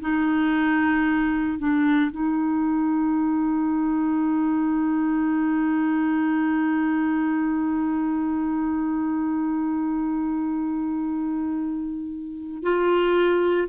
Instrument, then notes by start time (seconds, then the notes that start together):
clarinet
0.00 D#4
1.58 D4
2.11 D#4
12.63 F4